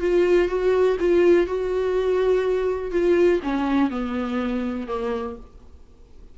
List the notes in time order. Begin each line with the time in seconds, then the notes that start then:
0.00 F4
0.48 F#4
1.00 F4
1.46 F#4
2.91 F4
3.43 C#4
3.90 B3
4.87 A#3